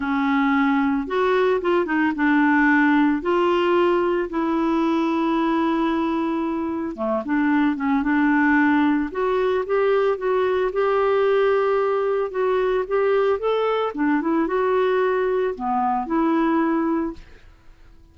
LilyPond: \new Staff \with { instrumentName = "clarinet" } { \time 4/4 \tempo 4 = 112 cis'2 fis'4 f'8 dis'8 | d'2 f'2 | e'1~ | e'4 a8 d'4 cis'8 d'4~ |
d'4 fis'4 g'4 fis'4 | g'2. fis'4 | g'4 a'4 d'8 e'8 fis'4~ | fis'4 b4 e'2 | }